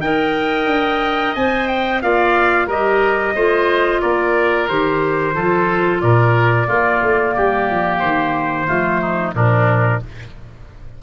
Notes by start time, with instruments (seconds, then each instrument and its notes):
0.00 tuba D#4, clarinet A#4, oboe D#5, trumpet G5
0.66 tuba D4
1.35 tuba C4, clarinet C5, trumpet G#5
1.67 trumpet G5
2.02 tuba A#3, clarinet F4, oboe D5, trumpet F5
2.67 tuba G3, clarinet G4, oboe A#4, trumpet D#5
3.35 tuba A3, clarinet F4, oboe C5
4.01 tuba A#3, oboe A#4, trumpet D5
4.68 tuba D#3, clarinet G4, trumpet C5
5.34 tuba F3, clarinet F4, oboe A4
6.01 tuba A#2, oboe A#4, trumpet D5
6.67 tuba A#3, clarinet A#3, oboe F4
7.02 tuba A3
7.36 tuba G3, oboe G4
7.70 tuba F3
7.99 tuba D#3, trumpet C5
8.67 tuba F3, clarinet A3, oboe F4
9.01 oboe D#4
9.34 tuba A#2, clarinet F3, oboe D4, trumpet A#4